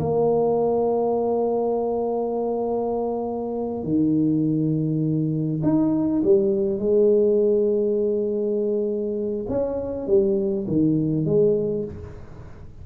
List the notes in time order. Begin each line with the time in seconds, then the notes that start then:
0.00 A#3
3.84 D#3
5.63 D#4
6.24 G3
6.79 G#3
9.49 C#4
10.07 G3
10.68 D#3
11.26 G#3